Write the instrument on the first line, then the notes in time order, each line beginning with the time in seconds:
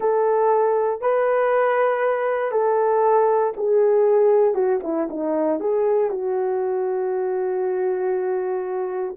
horn
0.00 A4
1.01 B4
2.51 A4
3.56 G#4
4.54 F#4
4.83 E4
5.10 D#4
5.60 G#4
6.10 F#4